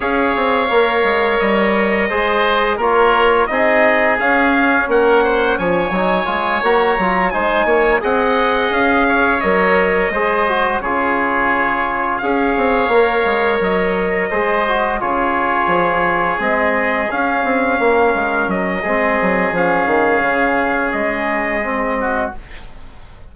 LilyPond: <<
  \new Staff \with { instrumentName = "trumpet" } { \time 4/4 \tempo 4 = 86 f''2 dis''2 | cis''4 dis''4 f''4 fis''4 | gis''4. ais''4 gis''4 fis''8~ | fis''8 f''4 dis''2 cis''8~ |
cis''4. f''2 dis''8~ | dis''4. cis''2 dis''8~ | dis''8 f''2 dis''4. | f''2 dis''2 | }
  \new Staff \with { instrumentName = "oboe" } { \time 4/4 cis''2. c''4 | ais'4 gis'2 ais'8 c''8 | cis''2~ cis''8 c''8 cis''8 dis''8~ | dis''4 cis''4. c''4 gis'8~ |
gis'4. cis''2~ cis''8~ | cis''8 c''4 gis'2~ gis'8~ | gis'4. ais'4. gis'4~ | gis'2.~ gis'8 fis'8 | }
  \new Staff \with { instrumentName = "trombone" } { \time 4/4 gis'4 ais'2 gis'4 | f'4 dis'4 cis'2~ | cis'8 dis'8 f'8 fis'8 f'8 dis'4 gis'8~ | gis'4. ais'4 gis'8 fis'8 f'8~ |
f'4. gis'4 ais'4.~ | ais'8 gis'8 fis'8 f'2 c'8~ | c'8 cis'2~ cis'8 c'4 | cis'2. c'4 | }
  \new Staff \with { instrumentName = "bassoon" } { \time 4/4 cis'8 c'8 ais8 gis8 g4 gis4 | ais4 c'4 cis'4 ais4 | f8 fis8 gis8 ais8 fis8 gis8 ais8 c'8~ | c'8 cis'4 fis4 gis4 cis8~ |
cis4. cis'8 c'8 ais8 gis8 fis8~ | fis8 gis4 cis4 f4 gis8~ | gis8 cis'8 c'8 ais8 gis8 fis8 gis8 fis8 | f8 dis8 cis4 gis2 | }
>>